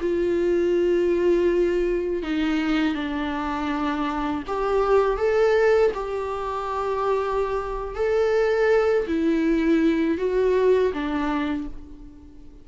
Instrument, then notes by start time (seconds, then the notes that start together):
viola
0.00 F4
2.22 D#4
2.94 D4
4.46 G4
5.17 A4
5.94 G4
7.95 A4
9.06 E4
10.18 F#4
10.93 D4